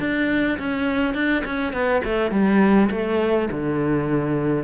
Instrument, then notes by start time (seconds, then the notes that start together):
cello
0.00 D4
0.59 C#4
1.15 D4
1.45 C#4
1.73 B3
2.05 A3
2.31 G3
2.91 A3
3.51 D3